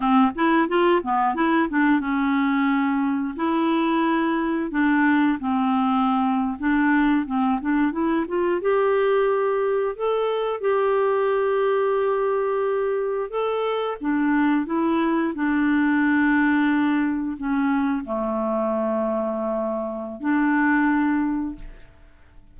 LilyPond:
\new Staff \with { instrumentName = "clarinet" } { \time 4/4 \tempo 4 = 89 c'8 e'8 f'8 b8 e'8 d'8 cis'4~ | cis'4 e'2 d'4 | c'4.~ c'16 d'4 c'8 d'8 e'16~ | e'16 f'8 g'2 a'4 g'16~ |
g'2.~ g'8. a'16~ | a'8. d'4 e'4 d'4~ d'16~ | d'4.~ d'16 cis'4 a4~ a16~ | a2 d'2 | }